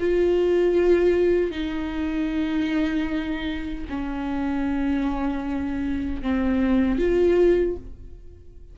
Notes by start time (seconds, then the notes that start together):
0.00 F4
1.51 D#4
3.90 C#4
6.22 C4
6.99 F4